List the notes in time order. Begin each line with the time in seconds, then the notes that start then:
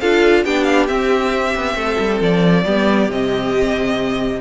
0.00 D4 F4 A4 F5
0.44 B3 D4 G4 G5
0.64 F5
0.87 C4 E5
1.55 B3
1.74 A3 A4
1.99 G3
2.21 F3 D5
2.65 G3 B3 G4
3.08 C3 C4 D#5